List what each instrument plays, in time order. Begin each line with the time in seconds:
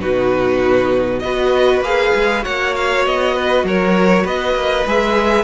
0.00 cello B2, viola D#4, violin F#4 B4
1.19 cello B3, viola F#4, violin B4 D#5
1.81 cello A#3, viola G#4, violin F5
2.15 cello G#3
2.42 cello A#3, viola F#4, violin C#5 F#5
2.76 violin F5
3.06 cello B3, violin D#5
3.35 violin B4
3.64 cello F#3, violin A#4 C#5
4.24 cello B3, violin B4 D#5
4.55 cello A#3
4.86 cello G#3, viola G#4, violin E5